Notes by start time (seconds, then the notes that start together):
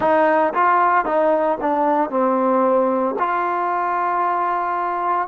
0.00 D#4
0.53 F4
1.05 D#4
1.60 D4
2.10 C4
3.19 F4